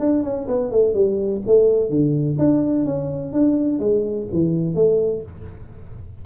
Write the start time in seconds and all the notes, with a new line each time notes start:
0.00 D4
0.24 C#4
0.48 B3
0.71 A3
0.94 G3
1.47 A3
1.90 D3
2.39 D4
2.85 C#4
3.33 D4
3.80 G#3
4.33 E3
4.75 A3